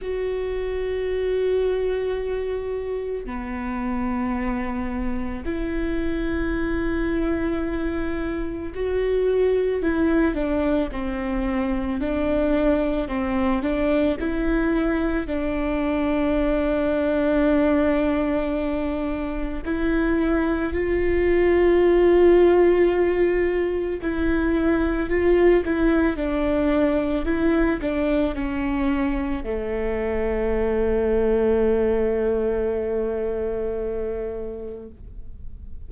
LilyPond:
\new Staff \with { instrumentName = "viola" } { \time 4/4 \tempo 4 = 55 fis'2. b4~ | b4 e'2. | fis'4 e'8 d'8 c'4 d'4 | c'8 d'8 e'4 d'2~ |
d'2 e'4 f'4~ | f'2 e'4 f'8 e'8 | d'4 e'8 d'8 cis'4 a4~ | a1 | }